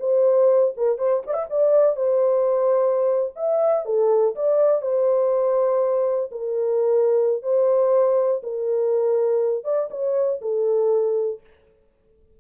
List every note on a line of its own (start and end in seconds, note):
0.00 0.74 C5
0.77 0.98 A#4
0.98 1.23 C5
1.27 1.34 D5
1.34 1.46 E5
1.50 1.97 D5
1.97 3.33 C5
3.36 3.85 E5
3.85 4.35 A4
4.36 4.82 D5
4.82 6.31 C5
6.32 7.43 A#4
7.43 8.42 C5
8.43 9.64 A#4
9.64 9.89 D5
9.91 10.41 C#5
10.42 11.41 A4